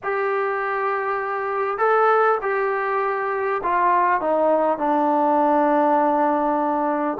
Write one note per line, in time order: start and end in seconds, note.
0.03 1.78 G4
1.78 2.38 A4
2.41 3.61 G4
3.63 4.20 F4
4.20 4.78 D#4
4.78 7.18 D4